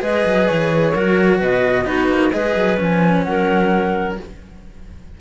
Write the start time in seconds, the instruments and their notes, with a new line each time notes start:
0.00 cello G#3 G#4, clarinet B4, flute D#5
0.26 cello F#3
0.47 cello E3, flute C#5
0.94 cello F#3 F#4, clarinet A#4
1.38 cello B2, clarinet B4, flute D#5
1.85 cello B3 D#4, clarinet F#4, flute B4
2.08 cello A#3
2.32 cello G#3 G#4, clarinet B4, flute D#5
2.56 cello F#3
2.77 cello F3 C#4, flute G#5
3.23 cello F#3, clarinet A#4, flute F#5